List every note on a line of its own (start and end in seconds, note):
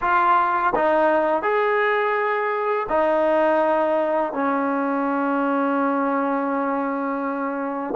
0.01 0.73 F4
0.75 1.42 D#4
1.42 2.87 G#4
2.89 4.32 D#4
4.32 7.94 C#4